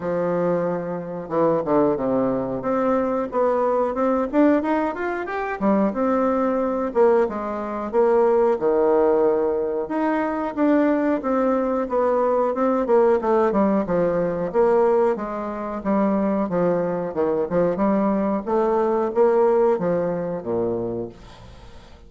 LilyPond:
\new Staff \with { instrumentName = "bassoon" } { \time 4/4 \tempo 4 = 91 f2 e8 d8 c4 | c'4 b4 c'8 d'8 dis'8 f'8 | g'8 g8 c'4. ais8 gis4 | ais4 dis2 dis'4 |
d'4 c'4 b4 c'8 ais8 | a8 g8 f4 ais4 gis4 | g4 f4 dis8 f8 g4 | a4 ais4 f4 ais,4 | }